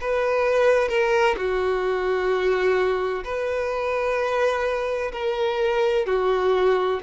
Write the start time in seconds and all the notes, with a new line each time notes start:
0.00 B4
0.88 A#4
1.36 F#4
3.24 B4
5.12 A#4
6.06 F#4